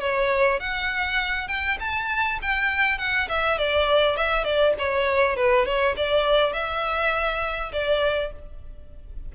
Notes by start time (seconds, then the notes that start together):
0.00 C#5
0.59 F#5
1.47 G5
1.80 A5
2.41 G5
2.98 F#5
3.28 E5
3.58 D5
4.16 E5
4.44 D5
4.78 C#5
5.36 B4
5.65 C#5
5.96 D5
6.53 E5
7.72 D5